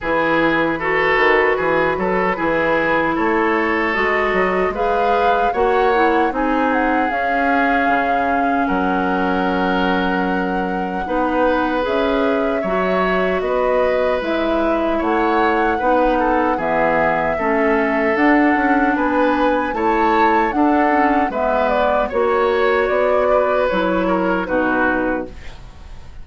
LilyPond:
<<
  \new Staff \with { instrumentName = "flute" } { \time 4/4 \tempo 4 = 76 b'1 | cis''4 dis''4 f''4 fis''4 | gis''8 fis''8 f''2 fis''4~ | fis''2. e''4~ |
e''4 dis''4 e''4 fis''4~ | fis''4 e''2 fis''4 | gis''4 a''4 fis''4 e''8 d''8 | cis''4 d''4 cis''4 b'4 | }
  \new Staff \with { instrumentName = "oboe" } { \time 4/4 gis'4 a'4 gis'8 a'8 gis'4 | a'2 b'4 cis''4 | gis'2. ais'4~ | ais'2 b'2 |
cis''4 b'2 cis''4 | b'8 a'8 gis'4 a'2 | b'4 cis''4 a'4 b'4 | cis''4. b'4 ais'8 fis'4 | }
  \new Staff \with { instrumentName = "clarinet" } { \time 4/4 e'4 fis'2 e'4~ | e'4 fis'4 gis'4 fis'8 e'8 | dis'4 cis'2.~ | cis'2 dis'4 gis'4 |
fis'2 e'2 | dis'4 b4 cis'4 d'4~ | d'4 e'4 d'8 cis'8 b4 | fis'2 e'4 dis'4 | }
  \new Staff \with { instrumentName = "bassoon" } { \time 4/4 e4. dis8 e8 fis8 e4 | a4 gis8 fis8 gis4 ais4 | c'4 cis'4 cis4 fis4~ | fis2 b4 cis'4 |
fis4 b4 gis4 a4 | b4 e4 a4 d'8 cis'8 | b4 a4 d'4 gis4 | ais4 b4 fis4 b,4 | }
>>